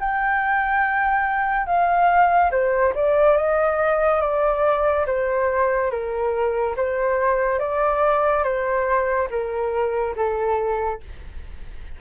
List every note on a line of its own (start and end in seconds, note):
0.00 1.66 G5
1.66 2.50 F5
2.51 2.93 C5
2.94 3.36 D5
3.36 4.21 D#5
4.21 5.05 D5
5.06 5.90 C5
5.90 6.75 A#4
6.76 7.59 C5
7.59 8.43 D5
8.43 9.28 C5
9.30 10.14 A#4
10.16 11.00 A4